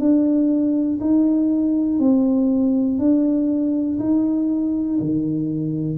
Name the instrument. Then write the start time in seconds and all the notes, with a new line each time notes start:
tuba
0.00 D4
1.01 D#4
2.00 C4
3.00 D4
4.00 D#4
5.00 D#3